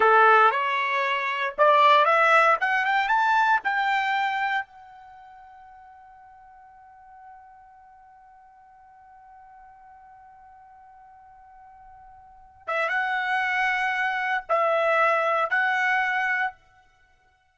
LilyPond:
\new Staff \with { instrumentName = "trumpet" } { \time 4/4 \tempo 4 = 116 a'4 cis''2 d''4 | e''4 fis''8 g''8 a''4 g''4~ | g''4 fis''2.~ | fis''1~ |
fis''1~ | fis''1~ | fis''8 e''8 fis''2. | e''2 fis''2 | }